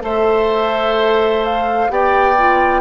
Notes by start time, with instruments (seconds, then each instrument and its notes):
0.00 bassoon A3, clarinet A4, oboe C5, flute E5
1.44 flute F5
1.89 bassoon B3, clarinet G4, oboe D5, flute G5
2.38 clarinet F4